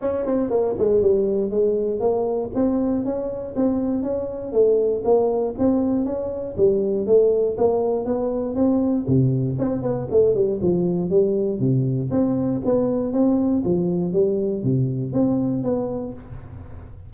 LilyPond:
\new Staff \with { instrumentName = "tuba" } { \time 4/4 \tempo 4 = 119 cis'8 c'8 ais8 gis8 g4 gis4 | ais4 c'4 cis'4 c'4 | cis'4 a4 ais4 c'4 | cis'4 g4 a4 ais4 |
b4 c'4 c4 c'8 b8 | a8 g8 f4 g4 c4 | c'4 b4 c'4 f4 | g4 c4 c'4 b4 | }